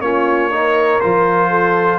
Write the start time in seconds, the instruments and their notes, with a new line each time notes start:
0.00 tuba A#3, trombone C#4, horn F4, trumpet C#5
0.51 trombone D#4, horn A#4
1.00 tuba F3, trombone F4, trumpet C5
1.50 horn A4